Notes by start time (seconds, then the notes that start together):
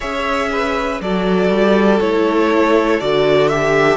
0.00 C#4 G#4 C#5 E5
0.51 B4
1.00 F#3 F#4 A4 D5
1.50 G3
2.00 A3 E4 C#5
3.00 D3 F#4 D5
3.48 G4 E5